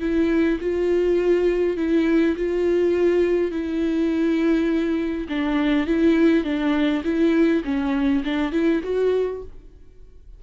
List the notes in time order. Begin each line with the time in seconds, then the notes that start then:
0.00 E4
0.60 F4
1.77 E4
2.37 F4
3.51 E4
5.29 D4
5.87 E4
6.44 D4
7.04 E4
7.64 C#4
8.25 D4
8.52 E4
8.84 F#4